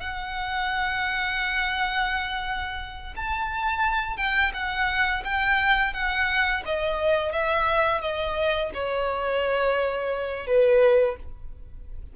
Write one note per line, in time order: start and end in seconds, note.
0.00 3.14 F#5
3.16 4.17 A5
4.17 4.52 G5
4.53 5.23 F#5
5.24 5.93 G5
5.93 6.63 F#5
6.65 7.32 D#5
7.32 8.00 E5
8.00 8.70 D#5
8.74 10.46 C#5
10.46 11.16 B4